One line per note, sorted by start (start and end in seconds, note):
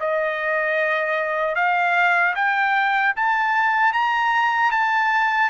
0.00 1.55 D#5
1.55 2.34 F5
2.35 3.14 G5
3.16 3.93 A5
3.93 4.71 A#5
4.71 5.50 A5